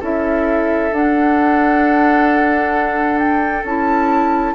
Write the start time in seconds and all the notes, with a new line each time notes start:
0.00 C#4 E4 A4 E5
0.92 D4 F#5
3.19 G5
3.64 C#4 E4 A5